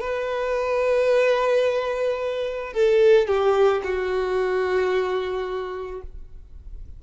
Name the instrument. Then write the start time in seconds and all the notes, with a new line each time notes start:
violin
0.00 B4
2.73 A4
3.27 G4
3.83 F#4